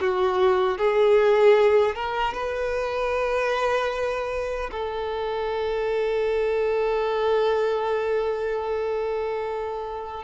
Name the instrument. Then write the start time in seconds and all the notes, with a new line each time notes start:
violin
0.00 F#4
0.78 G#4
1.95 A#4
2.33 B4
4.71 A4